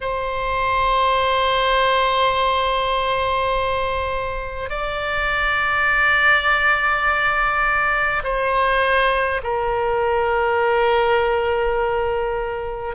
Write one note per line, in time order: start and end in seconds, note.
0.01 4.69 C5
4.69 8.22 D5
8.24 9.41 C5
9.43 12.95 A#4